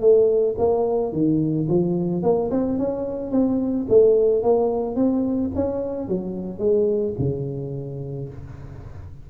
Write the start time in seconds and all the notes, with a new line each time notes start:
0.00 A3
0.58 A#3
1.12 D#3
1.68 F3
2.22 A#3
2.50 C4
2.78 C#4
3.31 C4
3.89 A3
4.42 A#3
4.95 C4
5.55 C#4
6.08 F#3
6.58 G#3
7.18 C#3